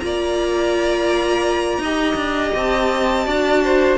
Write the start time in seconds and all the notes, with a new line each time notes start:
0.00 A#3 F4 D5 A#5
1.78 D#4 G4 D#5
2.15 D4
2.55 C4 A5
3.26 D4 F#4 D5
3.64 C5